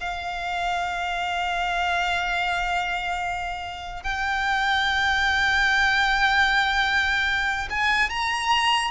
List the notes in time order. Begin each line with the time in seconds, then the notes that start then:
0.00 F5
4.03 G5
7.70 G#5
8.09 A#5